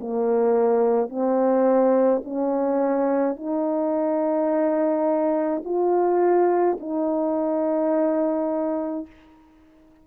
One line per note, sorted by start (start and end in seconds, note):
0.00 1.09 A#3
1.09 2.22 C4
2.24 3.37 C#4
3.37 5.63 D#4
5.65 6.78 F4
6.80 9.07 D#4